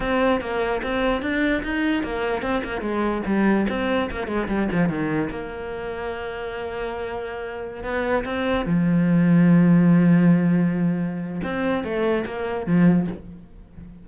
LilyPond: \new Staff \with { instrumentName = "cello" } { \time 4/4 \tempo 4 = 147 c'4 ais4 c'4 d'4 | dis'4 ais4 c'8 ais8 gis4 | g4 c'4 ais8 gis8 g8 f8 | dis4 ais2.~ |
ais2.~ ais16 b8.~ | b16 c'4 f2~ f8.~ | f1 | c'4 a4 ais4 f4 | }